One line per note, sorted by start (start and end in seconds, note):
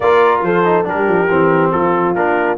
0.00 0.42 A#3
0.00 0.64 F4
0.00 0.45 A#4
0.00 0.41 D5
0.42 0.85 F3
0.42 0.87 A4
0.42 0.87 C5
0.64 0.84 D#4
0.84 1.07 G3
0.84 1.27 D4
0.84 1.72 G4
0.84 1.71 A#4
1.07 1.29 F3
1.29 1.72 E3
1.29 2.15 C4
1.71 2.14 F3
1.71 2.57 F4
1.71 2.14 A4
2.14 2.57 A#3
2.14 2.57 D4
2.14 2.57 A#4